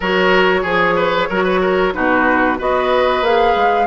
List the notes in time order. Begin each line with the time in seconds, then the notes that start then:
0.00 F#3 F#4 A#4 C#5
0.62 F3 G#4
0.96 B4
1.29 F#3 F#4 A#4
1.43 B4
1.61 A#4
1.92 B2 D#4 F#4 B4
2.58 B3 F#4 B4 D#5
3.21 A#3 G#4 F5
3.55 G#3